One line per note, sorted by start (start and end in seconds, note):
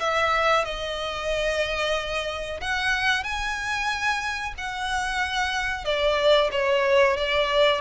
0.00 0.65 E5
0.65 2.61 D#5
2.61 3.24 F#5
3.24 4.54 G#5
4.58 5.85 F#5
5.85 6.51 D5
6.52 7.17 C#5
7.17 7.81 D5